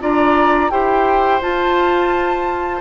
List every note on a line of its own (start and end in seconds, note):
0.00 0.70 D4
0.00 0.71 F4
0.00 0.71 D5
0.00 0.70 A#5
0.70 1.41 E4
0.70 1.41 G4
0.70 2.81 C5
0.70 1.41 G5
1.41 2.81 F4
1.41 2.81 A5